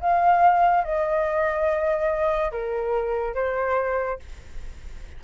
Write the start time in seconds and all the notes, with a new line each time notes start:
0.00 F5
0.83 D#5
2.51 A#4
3.34 C5